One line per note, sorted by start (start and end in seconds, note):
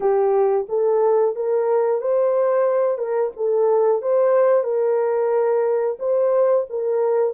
0.00 0.66 G4
0.68 1.35 A4
1.35 2.01 A#4
2.01 2.98 C5
2.98 3.31 A#4
3.36 4.02 A4
4.02 4.63 C5
4.63 5.97 A#4
5.99 6.65 C5
6.69 7.33 A#4